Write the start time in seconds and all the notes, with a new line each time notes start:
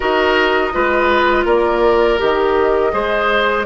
0.00 D#4 F#4 A#4 D#5
0.72 G#3 F4 B4
1.45 A#3 A#4 D5
2.18 D#3 G4 D#5
2.91 G#3 G#4 C5